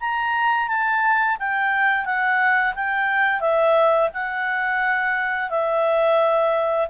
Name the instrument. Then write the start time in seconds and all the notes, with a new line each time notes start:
clarinet
0.00 A#5
0.68 A5
1.39 G5
2.05 F#5
2.75 G5
3.40 E5
4.13 F#5
5.50 E5